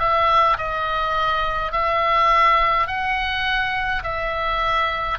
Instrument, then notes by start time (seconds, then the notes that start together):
oboe
0.00 E5
0.58 D#5
1.73 E5
2.87 F#5
4.03 E5